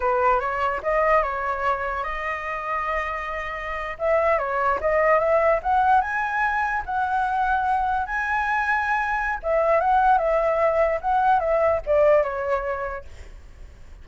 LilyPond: \new Staff \with { instrumentName = "flute" } { \time 4/4 \tempo 4 = 147 b'4 cis''4 dis''4 cis''4~ | cis''4 dis''2.~ | dis''4.~ dis''16 e''4 cis''4 dis''16~ | dis''8. e''4 fis''4 gis''4~ gis''16~ |
gis''8. fis''2. gis''16~ | gis''2. e''4 | fis''4 e''2 fis''4 | e''4 d''4 cis''2 | }